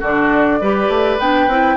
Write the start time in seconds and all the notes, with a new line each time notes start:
0.00 D3 D4 F#4 D5
0.61 G3 G4 B4
0.89 A3
1.19 B3 D4 G5
1.48 C4 E4